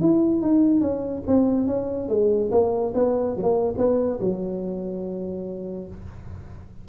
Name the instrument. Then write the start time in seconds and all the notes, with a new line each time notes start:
tuba
0.00 E4
0.41 D#4
0.80 C#4
1.27 C4
1.66 C#4
2.09 G#3
2.51 A#3
2.94 B3
3.36 F#3
3.42 A#3
3.77 B3
4.19 F#3